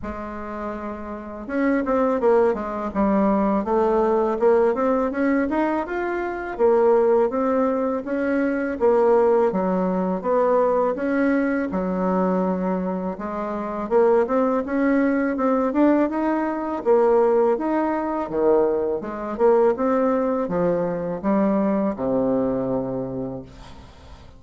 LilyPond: \new Staff \with { instrumentName = "bassoon" } { \time 4/4 \tempo 4 = 82 gis2 cis'8 c'8 ais8 gis8 | g4 a4 ais8 c'8 cis'8 dis'8 | f'4 ais4 c'4 cis'4 | ais4 fis4 b4 cis'4 |
fis2 gis4 ais8 c'8 | cis'4 c'8 d'8 dis'4 ais4 | dis'4 dis4 gis8 ais8 c'4 | f4 g4 c2 | }